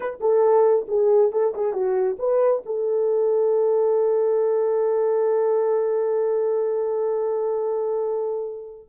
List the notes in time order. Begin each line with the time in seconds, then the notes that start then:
0.00 B4
0.20 A4
0.88 G#4
1.32 A4
1.54 G#4
1.73 F#4
2.18 B4
2.65 A4